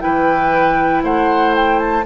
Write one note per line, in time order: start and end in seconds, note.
0.00 1.04 E3
0.00 2.03 E4
0.00 1.04 B4
0.00 1.02 G5
1.04 2.05 A3
1.04 2.06 C5
1.04 1.55 F#5
1.56 1.79 G5
1.79 2.05 A5